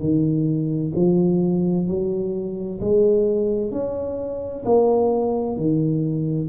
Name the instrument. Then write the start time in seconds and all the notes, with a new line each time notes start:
tuba
0.00 D#3
0.96 F3
1.88 F#3
2.80 G#3
3.72 C#4
4.66 A#3
5.57 D#3